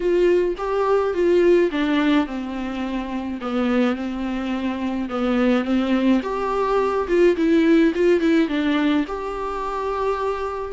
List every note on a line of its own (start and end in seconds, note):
0.00 0.55 F4
0.57 1.13 G4
1.13 1.70 F4
1.71 2.26 D4
2.26 3.39 C4
3.41 3.95 B3
3.95 5.08 C4
5.09 5.64 B3
5.64 6.21 C4
6.22 7.07 G4
7.08 7.36 F4
7.36 7.92 E4
7.95 8.20 F4
8.20 8.48 E4
8.48 9.05 D4
9.07 10.72 G4